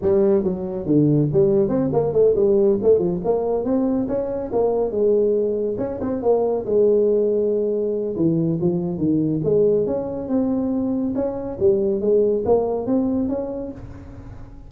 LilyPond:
\new Staff \with { instrumentName = "tuba" } { \time 4/4 \tempo 4 = 140 g4 fis4 d4 g4 | c'8 ais8 a8 g4 a8 f8 ais8~ | ais8 c'4 cis'4 ais4 gis8~ | gis4. cis'8 c'8 ais4 gis8~ |
gis2. e4 | f4 dis4 gis4 cis'4 | c'2 cis'4 g4 | gis4 ais4 c'4 cis'4 | }